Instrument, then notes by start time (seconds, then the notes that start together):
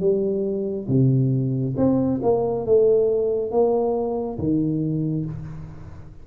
tuba
0.00 G3
0.88 C3
1.77 C4
2.23 A#3
2.65 A3
3.51 A#3
4.38 D#3